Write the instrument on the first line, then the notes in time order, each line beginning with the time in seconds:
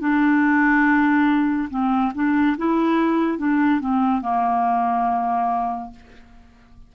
clarinet
0.00 D4
1.70 C4
2.15 D4
2.58 E4
3.38 D4
3.81 C4
4.22 A#3